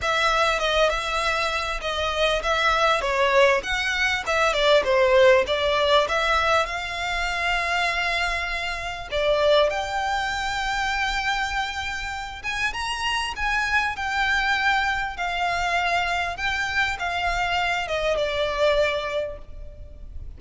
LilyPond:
\new Staff \with { instrumentName = "violin" } { \time 4/4 \tempo 4 = 99 e''4 dis''8 e''4. dis''4 | e''4 cis''4 fis''4 e''8 d''8 | c''4 d''4 e''4 f''4~ | f''2. d''4 |
g''1~ | g''8 gis''8 ais''4 gis''4 g''4~ | g''4 f''2 g''4 | f''4. dis''8 d''2 | }